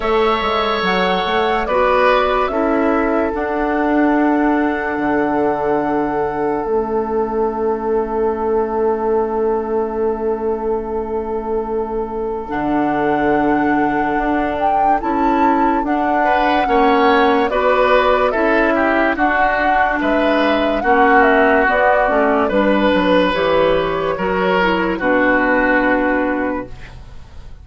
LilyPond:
<<
  \new Staff \with { instrumentName = "flute" } { \time 4/4 \tempo 4 = 72 e''4 fis''4 d''4 e''4 | fis''1 | e''1~ | e''2. fis''4~ |
fis''4. g''8 a''4 fis''4~ | fis''4 d''4 e''4 fis''4 | e''4 fis''8 e''8 d''4 b'4 | cis''2 b'2 | }
  \new Staff \with { instrumentName = "oboe" } { \time 4/4 cis''2 b'4 a'4~ | a'1~ | a'1~ | a'1~ |
a'2.~ a'8 b'8 | cis''4 b'4 a'8 g'8 fis'4 | b'4 fis'2 b'4~ | b'4 ais'4 fis'2 | }
  \new Staff \with { instrumentName = "clarinet" } { \time 4/4 a'2 fis'4 e'4 | d'1 | cis'1~ | cis'2. d'4~ |
d'2 e'4 d'4 | cis'4 fis'4 e'4 d'4~ | d'4 cis'4 b8 cis'8 d'4 | g'4 fis'8 e'8 d'2 | }
  \new Staff \with { instrumentName = "bassoon" } { \time 4/4 a8 gis8 fis8 a8 b4 cis'4 | d'2 d2 | a1~ | a2. d4~ |
d4 d'4 cis'4 d'4 | ais4 b4 cis'4 d'4 | gis4 ais4 b8 a8 g8 fis8 | e4 fis4 b,2 | }
>>